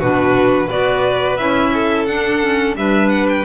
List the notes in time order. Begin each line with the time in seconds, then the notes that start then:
0.00 B2 D4 F#4 B4
0.67 B3 F#4 B4 D5
1.37 C#4 E4 E5
1.74 A4
2.06 D4 F#5
2.42 C#4
2.75 G3 D4 B4 E5
3.10 F#5
3.29 G5